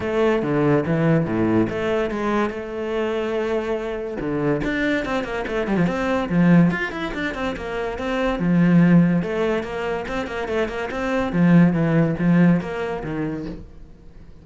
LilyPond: \new Staff \with { instrumentName = "cello" } { \time 4/4 \tempo 4 = 143 a4 d4 e4 a,4 | a4 gis4 a2~ | a2 d4 d'4 | c'8 ais8 a8 g16 f16 c'4 f4 |
f'8 e'8 d'8 c'8 ais4 c'4 | f2 a4 ais4 | c'8 ais8 a8 ais8 c'4 f4 | e4 f4 ais4 dis4 | }